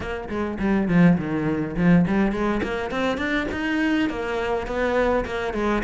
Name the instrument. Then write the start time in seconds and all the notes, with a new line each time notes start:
cello
0.00 A#3
0.28 G#3
0.59 G3
0.88 F3
1.17 D#3
1.76 F3
2.07 G3
2.32 G#3
2.62 A#3
2.90 C4
3.17 D4
3.51 D#4
4.09 A#3
4.66 B3
5.25 A#3
5.53 G#3